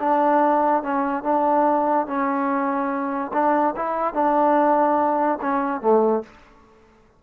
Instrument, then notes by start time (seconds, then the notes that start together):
trombone
0.00 D4
0.83 C#4
1.23 D4
2.07 C#4
3.33 D4
3.76 E4
4.14 D4
5.41 C#4
5.81 A3